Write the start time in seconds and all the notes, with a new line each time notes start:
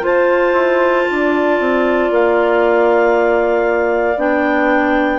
0.00 F4 C5 A5
0.53 E4
1.08 D4 D5
1.59 C4
2.10 A#3 F5
4.16 B3 D4 G5